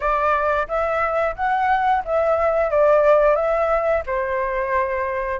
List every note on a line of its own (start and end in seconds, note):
0.00 0.67 D5
0.67 1.35 E5
1.35 2.03 F#5
2.04 2.70 E5
2.70 3.35 D5
3.35 4.03 E5
4.06 5.40 C5